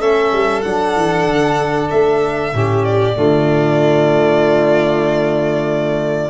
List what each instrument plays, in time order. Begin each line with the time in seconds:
0.00 tuba A3, trombone C#4, violin A4 E5
0.33 tuba G3
0.62 tuba F#3, trombone D4, violin F#5
0.96 tuba E3
1.26 tuba D3
1.90 tuba A3, violin E5
2.53 tuba A2, trombone C#4, violin G4
2.84 violin D5
3.14 tuba D3, trombone A3, violin F4